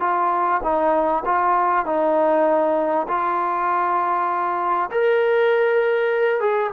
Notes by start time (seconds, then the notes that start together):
0.00 F4
0.63 D#4
1.25 F4
1.85 D#4
3.08 F4
4.91 A#4
6.40 G#4